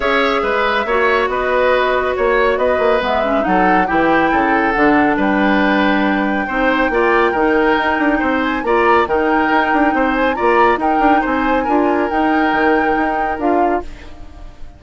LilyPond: <<
  \new Staff \with { instrumentName = "flute" } { \time 4/4 \tempo 4 = 139 e''2. dis''4~ | dis''4 cis''4 dis''4 e''4 | fis''4 g''2 fis''4 | g''1~ |
g''2.~ g''8 gis''8 | ais''4 g''2~ g''8 gis''8 | ais''4 g''4 gis''2 | g''2. f''4 | }
  \new Staff \with { instrumentName = "oboe" } { \time 4/4 cis''4 b'4 cis''4 b'4~ | b'4 cis''4 b'2 | a'4 g'4 a'2 | b'2. c''4 |
d''4 ais'2 c''4 | d''4 ais'2 c''4 | d''4 ais'4 c''4 ais'4~ | ais'1 | }
  \new Staff \with { instrumentName = "clarinet" } { \time 4/4 gis'2 fis'2~ | fis'2. b8 cis'8 | dis'4 e'2 d'4~ | d'2. dis'4 |
f'4 dis'2. | f'4 dis'2. | f'4 dis'2 f'4 | dis'2. f'4 | }
  \new Staff \with { instrumentName = "bassoon" } { \time 4/4 cis'4 gis4 ais4 b4~ | b4 ais4 b8 ais8 gis4 | fis4 e4 cis4 d4 | g2. c'4 |
ais4 dis4 dis'8 d'8 c'4 | ais4 dis4 dis'8 d'8 c'4 | ais4 dis'8 d'8 c'4 d'4 | dis'4 dis4 dis'4 d'4 | }
>>